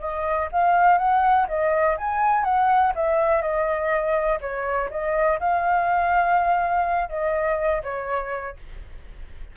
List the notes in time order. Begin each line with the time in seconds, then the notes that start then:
0.00 D#5
0.52 F5
0.98 F#5
1.48 D#5
1.97 G#5
2.44 F#5
2.95 E5
3.41 D#5
4.41 C#5
4.90 D#5
5.39 F5
7.09 D#5
7.83 C#5